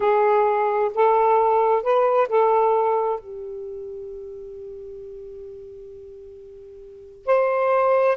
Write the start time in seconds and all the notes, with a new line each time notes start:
0.00 G#4
0.94 A4
1.82 B4
2.28 A4
3.19 G4
7.26 C5